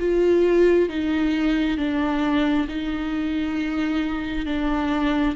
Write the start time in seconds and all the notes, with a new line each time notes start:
0.00 F4
0.90 D#4
1.78 D4
2.69 D#4
4.46 D4